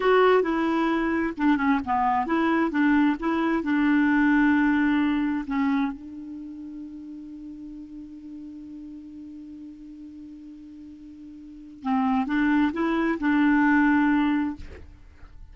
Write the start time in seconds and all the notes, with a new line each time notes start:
0.00 F#4
0.42 E4
1.37 D4
1.57 C#4
1.85 B3
2.26 E4
2.70 D4
3.19 E4
3.63 D4
5.46 C#4
5.92 D4
11.82 C4
12.26 D4
12.73 E4
13.19 D4